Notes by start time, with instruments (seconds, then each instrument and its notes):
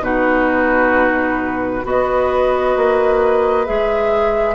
0.00 bassoon B2, clarinet D#4, oboe F#4, flute B4
1.83 bassoon B3, clarinet F#4, oboe B4, flute D#5
2.76 bassoon A#3
3.65 bassoon G#3, clarinet G#4, flute E5